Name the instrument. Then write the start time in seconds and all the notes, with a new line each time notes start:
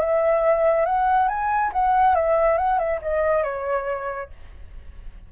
flute
0.00 E5
0.86 F#5
1.29 G#5
1.73 F#5
2.15 E5
2.58 F#5
2.79 E5
3.02 D#5
3.44 C#5